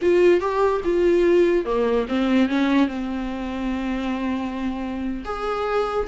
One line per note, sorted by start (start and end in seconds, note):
0.01 0.40 F4
0.40 0.81 G4
0.84 1.65 F4
1.65 2.06 A#3
2.08 2.48 C4
2.48 2.87 C#4
2.87 5.24 C4
5.25 6.07 G#4